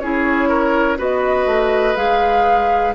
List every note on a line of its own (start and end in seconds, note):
0.00 0.99 C#4
0.00 0.98 E4
0.00 0.49 G#4
0.00 0.98 C#5
0.49 0.98 A#4
0.98 1.46 B3
0.98 1.96 F#4
0.98 2.95 B4
0.98 1.96 D#5
1.46 1.95 A3
1.96 2.94 G#3
1.96 2.94 G#4
1.96 2.95 F5